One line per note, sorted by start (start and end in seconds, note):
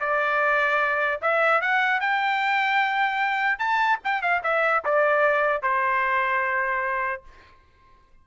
0.00 1.21 D5
1.22 1.61 E5
1.61 2.00 F#5
2.00 3.59 G5
3.59 3.99 A5
4.04 4.22 G5
4.22 4.42 F5
4.43 4.84 E5
4.85 5.62 D5
5.62 7.23 C5